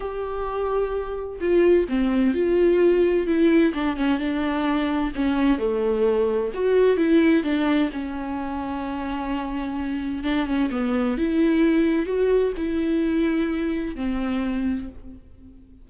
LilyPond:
\new Staff \with { instrumentName = "viola" } { \time 4/4 \tempo 4 = 129 g'2. f'4 | c'4 f'2 e'4 | d'8 cis'8 d'2 cis'4 | a2 fis'4 e'4 |
d'4 cis'2.~ | cis'2 d'8 cis'8 b4 | e'2 fis'4 e'4~ | e'2 c'2 | }